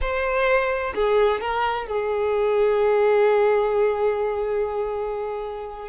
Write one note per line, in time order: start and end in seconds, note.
0.01 0.93 C5
0.94 1.41 G#4
1.41 1.86 A#4
1.86 5.88 G#4